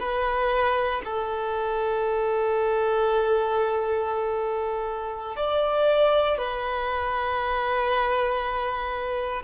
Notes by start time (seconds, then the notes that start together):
0.00 B4
1.05 A4
5.37 D5
6.38 B4